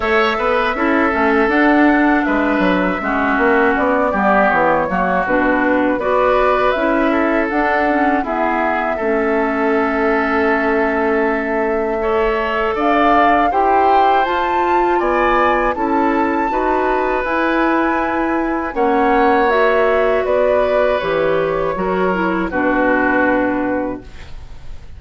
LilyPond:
<<
  \new Staff \with { instrumentName = "flute" } { \time 4/4 \tempo 4 = 80 e''2 fis''4 e''4~ | e''4 d''4 cis''4 b'4 | d''4 e''4 fis''4 e''4~ | e''1~ |
e''4 f''4 g''4 a''4 | gis''4 a''2 gis''4~ | gis''4 fis''4 e''4 d''4 | cis''2 b'2 | }
  \new Staff \with { instrumentName = "oboe" } { \time 4/4 cis''8 b'8 a'2 b'4 | fis'4. g'4 fis'4. | b'4. a'4. gis'4 | a'1 |
cis''4 d''4 c''2 | d''4 a'4 b'2~ | b'4 cis''2 b'4~ | b'4 ais'4 fis'2 | }
  \new Staff \with { instrumentName = "clarinet" } { \time 4/4 a'4 e'8 cis'8 d'2 | cis'4. b4 ais8 d'4 | fis'4 e'4 d'8 cis'8 b4 | cis'1 |
a'2 g'4 f'4~ | f'4 e'4 fis'4 e'4~ | e'4 cis'4 fis'2 | g'4 fis'8 e'8 d'2 | }
  \new Staff \with { instrumentName = "bassoon" } { \time 4/4 a8 b8 cis'8 a8 d'4 gis8 fis8 | gis8 ais8 b8 g8 e8 fis8 b,4 | b4 cis'4 d'4 e'4 | a1~ |
a4 d'4 e'4 f'4 | b4 cis'4 dis'4 e'4~ | e'4 ais2 b4 | e4 fis4 b,2 | }
>>